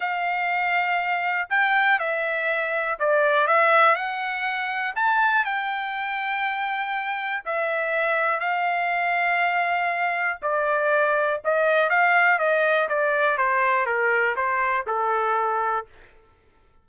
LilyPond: \new Staff \with { instrumentName = "trumpet" } { \time 4/4 \tempo 4 = 121 f''2. g''4 | e''2 d''4 e''4 | fis''2 a''4 g''4~ | g''2. e''4~ |
e''4 f''2.~ | f''4 d''2 dis''4 | f''4 dis''4 d''4 c''4 | ais'4 c''4 a'2 | }